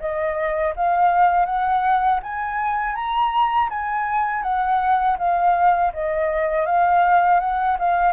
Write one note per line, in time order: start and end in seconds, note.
0.00 0.74 D#5
0.76 1.46 F5
1.46 2.20 F#5
2.23 2.95 G#5
2.95 3.69 A#5
3.70 4.43 G#5
4.43 5.17 F#5
5.19 5.93 F5
5.93 6.66 D#5
6.66 7.40 F5
7.40 7.77 F#5
7.79 8.13 F5